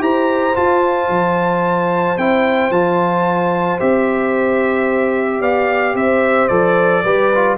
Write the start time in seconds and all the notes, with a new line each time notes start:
0.00 E4 G4 C5 A#5
0.55 F4 A5
1.09 F3
2.18 C4 E4 G5
2.71 F3 F4 A5
3.80 C4 G4 E5
5.41 B3 D5 F5
5.94 C4 C5 E5
6.48 F3 A4 D5
7.05 G3 G4 B4
7.35 F4